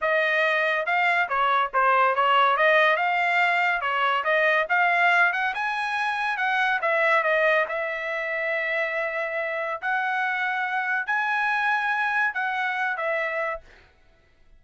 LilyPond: \new Staff \with { instrumentName = "trumpet" } { \time 4/4 \tempo 4 = 141 dis''2 f''4 cis''4 | c''4 cis''4 dis''4 f''4~ | f''4 cis''4 dis''4 f''4~ | f''8 fis''8 gis''2 fis''4 |
e''4 dis''4 e''2~ | e''2. fis''4~ | fis''2 gis''2~ | gis''4 fis''4. e''4. | }